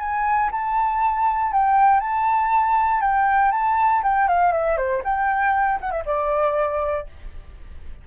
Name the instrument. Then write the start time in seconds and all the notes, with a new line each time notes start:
flute
0.00 G#5
0.52 A5
1.52 G5
2.01 A5
3.02 G5
3.52 A5
4.04 G5
4.28 F5
4.53 E5
4.77 C5
5.04 G5
5.81 F#5
5.91 E5
6.06 D5